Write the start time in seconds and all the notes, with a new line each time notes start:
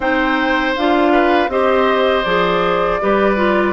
0.00 C4 D#4 C5 G5
0.75 D4 F4 F5
1.12 B4
1.48 C4 G4 C5 D#5
2.24 F3 G#4 D5
3.00 G3 G4 B4
3.36 F4